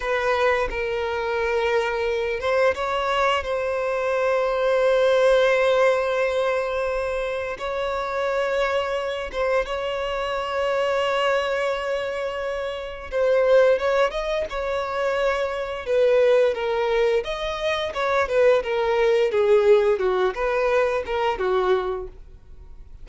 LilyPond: \new Staff \with { instrumentName = "violin" } { \time 4/4 \tempo 4 = 87 b'4 ais'2~ ais'8 c''8 | cis''4 c''2.~ | c''2. cis''4~ | cis''4. c''8 cis''2~ |
cis''2. c''4 | cis''8 dis''8 cis''2 b'4 | ais'4 dis''4 cis''8 b'8 ais'4 | gis'4 fis'8 b'4 ais'8 fis'4 | }